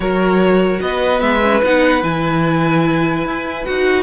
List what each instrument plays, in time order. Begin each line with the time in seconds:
0.00 cello F#3, viola F#4, violin A#4 C#5
0.80 cello B3, violin B4 D#5
1.19 cello G#3, viola B3, violin E5
1.43 viola C#4
1.63 cello B3, viola D#4, violin F#5
2.02 cello E3, viola E4, violin G#5
3.24 cello E4
3.64 cello D#4, viola F#4, violin F#5